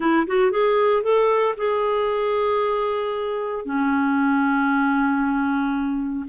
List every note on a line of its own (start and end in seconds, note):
0.00 0.26 E4
0.26 0.51 F#4
0.51 1.02 G#4
1.02 1.55 A4
1.57 3.65 G#4
3.65 6.26 C#4